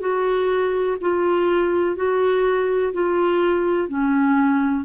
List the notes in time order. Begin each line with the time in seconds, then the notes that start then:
0.00 F#4
1.01 F4
1.96 F#4
2.93 F4
3.88 C#4